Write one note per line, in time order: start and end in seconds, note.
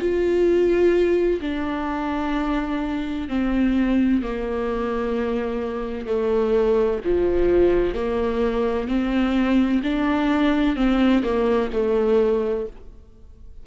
0.00 1.41 F4
1.41 3.29 D4
3.29 4.23 C4
4.23 6.07 A#3
6.07 7.01 A3
7.05 7.95 F3
7.95 8.88 A#3
8.88 9.82 C4
9.84 10.76 D4
10.76 11.23 C4
11.24 11.71 A#3
11.73 12.67 A3